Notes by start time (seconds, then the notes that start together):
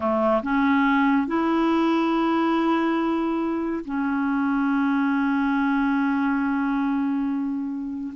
0.00 A3
0.42 C#4
1.27 E4
3.85 C#4